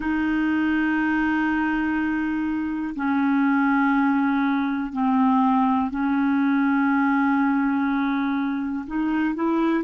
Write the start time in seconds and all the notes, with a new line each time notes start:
0.00 D#4
2.95 C#4
4.92 C4
5.90 C#4
8.86 D#4
9.34 E4